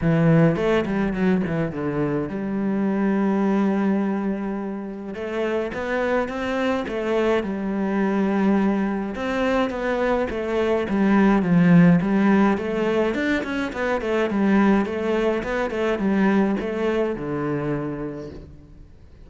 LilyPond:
\new Staff \with { instrumentName = "cello" } { \time 4/4 \tempo 4 = 105 e4 a8 g8 fis8 e8 d4 | g1~ | g4 a4 b4 c'4 | a4 g2. |
c'4 b4 a4 g4 | f4 g4 a4 d'8 cis'8 | b8 a8 g4 a4 b8 a8 | g4 a4 d2 | }